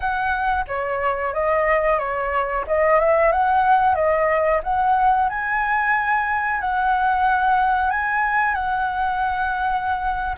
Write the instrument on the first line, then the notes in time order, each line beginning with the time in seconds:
flute
0.00 F#5
0.67 C#5
1.33 D#5
1.98 C#5
2.67 D#5
2.99 E5
3.31 F#5
3.94 D#5
4.63 F#5
5.29 G#5
6.61 F#5
7.90 G#5
8.54 F#5